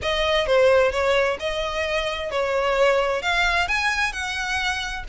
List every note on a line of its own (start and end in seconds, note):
0.02 0.46 D#5
0.46 0.91 C5
0.91 1.37 C#5
1.39 2.30 D#5
2.30 3.22 C#5
3.22 3.67 F5
3.67 4.12 G#5
4.12 5.04 F#5